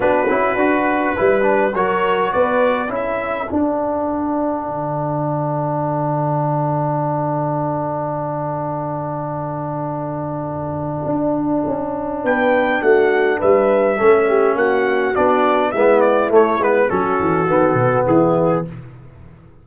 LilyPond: <<
  \new Staff \with { instrumentName = "trumpet" } { \time 4/4 \tempo 4 = 103 b'2. cis''4 | d''4 e''4 fis''2~ | fis''1~ | fis''1~ |
fis''1~ | fis''4 g''4 fis''4 e''4~ | e''4 fis''4 d''4 e''8 d''8 | cis''8 b'8 a'2 gis'4 | }
  \new Staff \with { instrumentName = "horn" } { \time 4/4 fis'2 b'4 ais'4 | b'4 a'2.~ | a'1~ | a'1~ |
a'1~ | a'4 b'4 fis'4 b'4 | a'8 g'8 fis'2 e'4~ | e'4 fis'2 e'4 | }
  \new Staff \with { instrumentName = "trombone" } { \time 4/4 d'8 e'8 fis'4 e'8 d'8 fis'4~ | fis'4 e'4 d'2~ | d'1~ | d'1~ |
d'1~ | d'1 | cis'2 d'4 b4 | a8 b8 cis'4 b2 | }
  \new Staff \with { instrumentName = "tuba" } { \time 4/4 b8 cis'8 d'4 g4 fis4 | b4 cis'4 d'2 | d1~ | d1~ |
d2. d'4 | cis'4 b4 a4 g4 | a4 ais4 b4 gis4 | a8 gis8 fis8 e8 dis8 b,8 e4 | }
>>